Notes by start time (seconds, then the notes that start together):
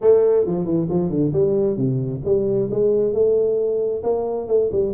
0.01 A3
0.45 F3
0.65 E3
0.89 F3
1.09 D3
1.32 G3
1.76 C3
2.24 G3
2.70 G#3
3.13 A3
4.03 A#3
4.47 A3
4.72 G3